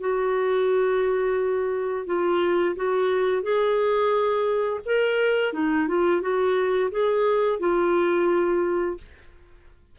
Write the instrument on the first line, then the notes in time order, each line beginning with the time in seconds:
clarinet
0.00 F#4
2.06 F4
2.76 F#4
3.42 G#4
4.85 A#4
5.53 D#4
5.88 F4
6.21 F#4
6.91 G#4
7.59 F4